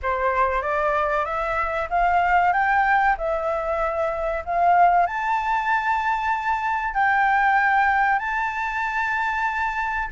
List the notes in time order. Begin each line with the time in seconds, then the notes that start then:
0.02 C5
0.61 D5
1.25 E5
1.89 F5
2.53 G5
3.17 E5
4.45 F5
5.06 A5
6.93 G5
8.18 A5